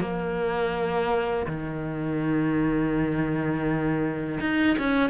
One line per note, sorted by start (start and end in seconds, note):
0.00 1.46 A#3
1.47 4.39 D#3
4.40 4.77 D#4
4.79 5.10 C#4